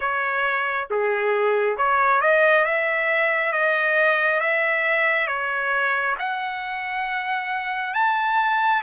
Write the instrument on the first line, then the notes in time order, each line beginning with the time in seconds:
trumpet
0.00 C#5
0.90 G#4
1.77 C#5
2.21 D#5
2.64 E5
3.52 D#5
4.40 E5
5.27 C#5
6.18 F#5
7.94 A5